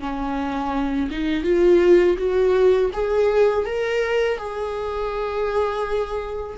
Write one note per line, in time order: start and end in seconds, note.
0.00 1.10 C#4
1.11 1.44 D#4
1.44 2.17 F4
2.18 2.91 F#4
2.93 3.66 G#4
3.66 4.38 A#4
4.38 6.57 G#4